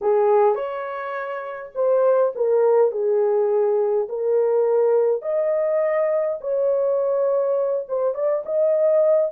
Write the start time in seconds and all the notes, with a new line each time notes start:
0.01 G#4
0.55 C#5
1.74 C5
2.35 A#4
2.91 G#4
4.08 A#4
5.22 D#5
6.41 C#5
7.88 C5
8.14 D5
8.45 D#5